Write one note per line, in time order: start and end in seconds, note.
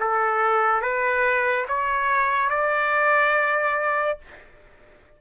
0.00 0.81 A4
0.81 1.66 B4
1.68 2.50 C#5
2.50 4.19 D5